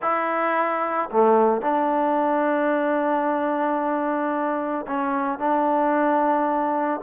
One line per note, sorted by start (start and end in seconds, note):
0.01 1.10 E4
1.11 1.61 A3
1.61 4.86 D4
4.87 5.38 C#4
5.38 7.00 D4